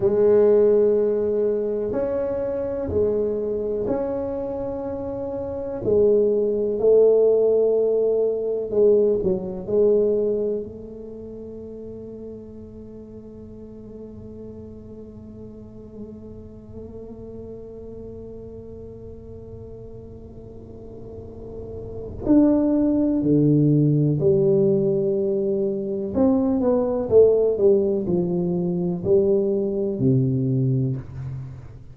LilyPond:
\new Staff \with { instrumentName = "tuba" } { \time 4/4 \tempo 4 = 62 gis2 cis'4 gis4 | cis'2 gis4 a4~ | a4 gis8 fis8 gis4 a4~ | a1~ |
a1~ | a2. d'4 | d4 g2 c'8 b8 | a8 g8 f4 g4 c4 | }